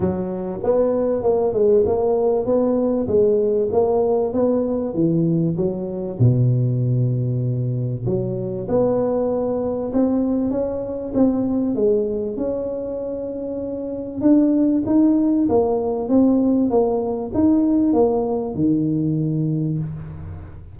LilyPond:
\new Staff \with { instrumentName = "tuba" } { \time 4/4 \tempo 4 = 97 fis4 b4 ais8 gis8 ais4 | b4 gis4 ais4 b4 | e4 fis4 b,2~ | b,4 fis4 b2 |
c'4 cis'4 c'4 gis4 | cis'2. d'4 | dis'4 ais4 c'4 ais4 | dis'4 ais4 dis2 | }